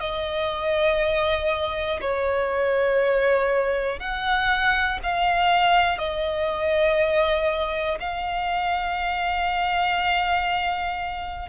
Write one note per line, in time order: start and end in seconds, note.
0.00 2.00 D#5
2.00 3.99 C#5
3.99 4.99 F#5
5.03 5.98 F5
5.98 7.98 D#5
8.00 11.49 F5